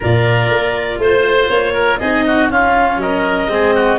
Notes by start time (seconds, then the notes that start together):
0.00 A#2 F4 A#4 D5
0.49 A#3
0.98 A3 C5
1.49 A#3 C#5
1.73 A#4
1.98 C4 D#4 G#4 D#5
2.26 F#4
2.49 C#4 F4 F5
2.96 F#3 A#4 D#5
3.48 G#3 C4 G#4
3.74 F#4